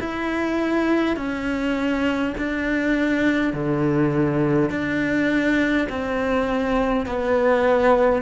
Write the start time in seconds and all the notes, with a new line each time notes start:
0.00 E4
1.16 C#4
2.37 D4
3.53 D3
4.70 D4
5.89 C4
7.06 B3